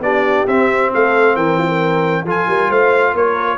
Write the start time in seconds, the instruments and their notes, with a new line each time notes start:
0.00 tuba B3, trombone D4, horn G4, trumpet D5
0.48 tuba C4, trombone C4, trumpet E5
0.94 tuba A3, horn A4, trumpet F5
1.36 tuba E3, horn A#4, trumpet G5
1.58 horn F4
1.68 horn A#4
2.25 tuba F3, trombone F4, horn A4, trumpet G#5
2.48 tuba G3, horn A#4
2.69 tuba A3, horn C5, trumpet F5
3.14 tuba A#3, horn A#4, trumpet C#5